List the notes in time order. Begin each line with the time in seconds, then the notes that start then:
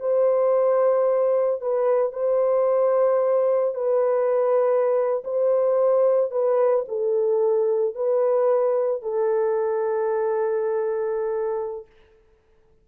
0.00 C5
1.61 B4
2.13 C5
3.75 B4
5.24 C5
6.31 B4
6.88 A4
7.95 B4
9.02 A4